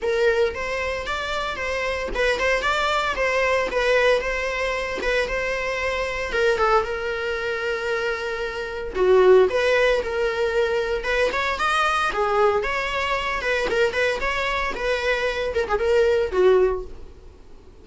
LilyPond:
\new Staff \with { instrumentName = "viola" } { \time 4/4 \tempo 4 = 114 ais'4 c''4 d''4 c''4 | b'8 c''8 d''4 c''4 b'4 | c''4. b'8 c''2 | ais'8 a'8 ais'2.~ |
ais'4 fis'4 b'4 ais'4~ | ais'4 b'8 cis''8 dis''4 gis'4 | cis''4. b'8 ais'8 b'8 cis''4 | b'4. ais'16 gis'16 ais'4 fis'4 | }